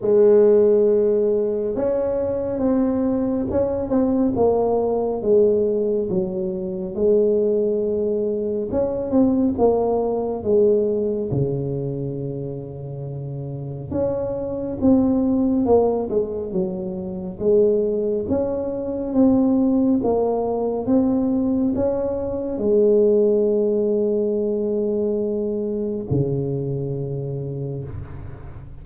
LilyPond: \new Staff \with { instrumentName = "tuba" } { \time 4/4 \tempo 4 = 69 gis2 cis'4 c'4 | cis'8 c'8 ais4 gis4 fis4 | gis2 cis'8 c'8 ais4 | gis4 cis2. |
cis'4 c'4 ais8 gis8 fis4 | gis4 cis'4 c'4 ais4 | c'4 cis'4 gis2~ | gis2 cis2 | }